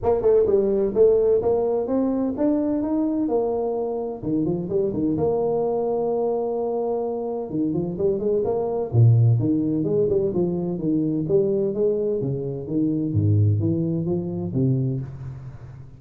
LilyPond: \new Staff \with { instrumentName = "tuba" } { \time 4/4 \tempo 4 = 128 ais8 a8 g4 a4 ais4 | c'4 d'4 dis'4 ais4~ | ais4 dis8 f8 g8 dis8 ais4~ | ais1 |
dis8 f8 g8 gis8 ais4 ais,4 | dis4 gis8 g8 f4 dis4 | g4 gis4 cis4 dis4 | gis,4 e4 f4 c4 | }